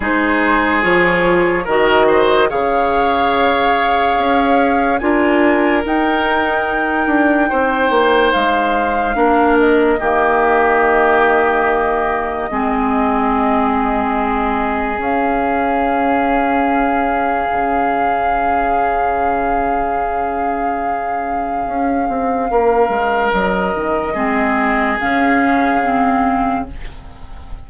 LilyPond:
<<
  \new Staff \with { instrumentName = "flute" } { \time 4/4 \tempo 4 = 72 c''4 cis''4 dis''4 f''4~ | f''2 gis''4 g''4~ | g''2 f''4. dis''8~ | dis''1~ |
dis''2 f''2~ | f''1~ | f''1 | dis''2 f''2 | }
  \new Staff \with { instrumentName = "oboe" } { \time 4/4 gis'2 ais'8 c''8 cis''4~ | cis''2 ais'2~ | ais'4 c''2 ais'4 | g'2. gis'4~ |
gis'1~ | gis'1~ | gis'2. ais'4~ | ais'4 gis'2. | }
  \new Staff \with { instrumentName = "clarinet" } { \time 4/4 dis'4 f'4 fis'4 gis'4~ | gis'2 f'4 dis'4~ | dis'2. d'4 | ais2. c'4~ |
c'2 cis'2~ | cis'1~ | cis'1~ | cis'4 c'4 cis'4 c'4 | }
  \new Staff \with { instrumentName = "bassoon" } { \time 4/4 gis4 f4 dis4 cis4~ | cis4 cis'4 d'4 dis'4~ | dis'8 d'8 c'8 ais8 gis4 ais4 | dis2. gis4~ |
gis2 cis'2~ | cis'4 cis2.~ | cis2 cis'8 c'8 ais8 gis8 | fis8 dis8 gis4 cis2 | }
>>